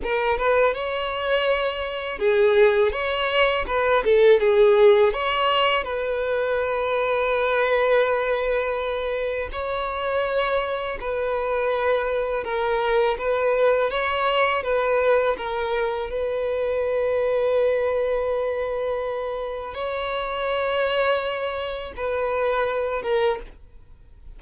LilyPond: \new Staff \with { instrumentName = "violin" } { \time 4/4 \tempo 4 = 82 ais'8 b'8 cis''2 gis'4 | cis''4 b'8 a'8 gis'4 cis''4 | b'1~ | b'4 cis''2 b'4~ |
b'4 ais'4 b'4 cis''4 | b'4 ais'4 b'2~ | b'2. cis''4~ | cis''2 b'4. ais'8 | }